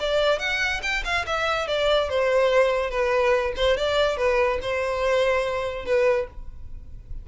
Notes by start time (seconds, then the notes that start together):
0.00 D5
0.39 F#5
0.83 G5
1.05 F5
1.27 E5
1.68 D5
2.10 C5
2.90 B4
3.56 C5
3.77 D5
4.17 B4
4.62 C5
5.86 B4